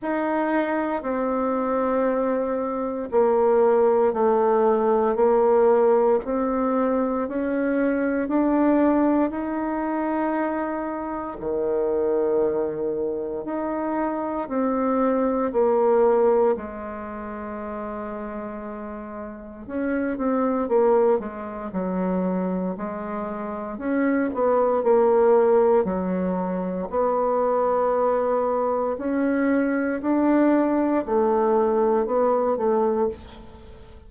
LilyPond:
\new Staff \with { instrumentName = "bassoon" } { \time 4/4 \tempo 4 = 58 dis'4 c'2 ais4 | a4 ais4 c'4 cis'4 | d'4 dis'2 dis4~ | dis4 dis'4 c'4 ais4 |
gis2. cis'8 c'8 | ais8 gis8 fis4 gis4 cis'8 b8 | ais4 fis4 b2 | cis'4 d'4 a4 b8 a8 | }